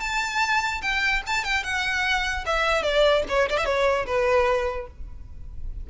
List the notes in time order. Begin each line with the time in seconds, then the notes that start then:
0.00 A5
0.81 G5
1.27 A5
1.44 G5
1.63 F#5
2.45 E5
2.82 D5
3.28 C#5
3.49 D5
3.57 E5
3.65 C#5
4.06 B4